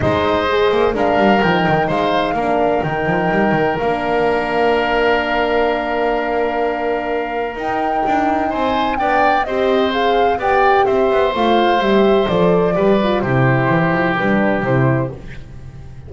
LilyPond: <<
  \new Staff \with { instrumentName = "flute" } { \time 4/4 \tempo 4 = 127 dis''2 f''4 g''4 | f''2 g''2 | f''1~ | f''1 |
g''2 gis''4 g''4 | dis''4 f''4 g''4 e''4 | f''4 e''4 d''2 | c''2 b'4 c''4 | }
  \new Staff \with { instrumentName = "oboe" } { \time 4/4 c''2 ais'2 | c''4 ais'2.~ | ais'1~ | ais'1~ |
ais'2 c''4 d''4 | c''2 d''4 c''4~ | c''2. b'4 | g'1 | }
  \new Staff \with { instrumentName = "horn" } { \time 4/4 dis'4 gis'4 d'4 dis'4~ | dis'4 d'4 dis'2 | d'1~ | d'1 |
dis'2. d'4 | g'4 gis'4 g'2 | f'4 g'4 a'4 g'8 f'8 | e'2 d'4 e'4 | }
  \new Staff \with { instrumentName = "double bass" } { \time 4/4 gis4. ais8 gis8 g8 f8 dis8 | gis4 ais4 dis8 f8 g8 dis8 | ais1~ | ais1 |
dis'4 d'4 c'4 b4 | c'2 b4 c'8 b8 | a4 g4 f4 g4 | c4 e8 f8 g4 c4 | }
>>